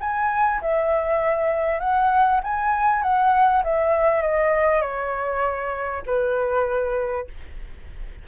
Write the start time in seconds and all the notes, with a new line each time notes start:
0.00 G#5
0.61 E5
1.79 F#5
2.43 G#5
3.02 F#5
3.63 E5
4.21 D#5
4.81 C#5
6.06 B4